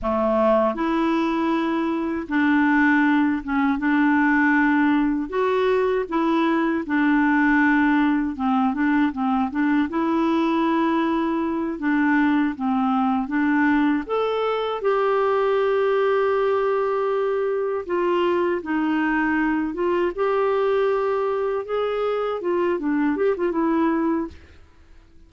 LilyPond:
\new Staff \with { instrumentName = "clarinet" } { \time 4/4 \tempo 4 = 79 a4 e'2 d'4~ | d'8 cis'8 d'2 fis'4 | e'4 d'2 c'8 d'8 | c'8 d'8 e'2~ e'8 d'8~ |
d'8 c'4 d'4 a'4 g'8~ | g'2.~ g'8 f'8~ | f'8 dis'4. f'8 g'4.~ | g'8 gis'4 f'8 d'8 g'16 f'16 e'4 | }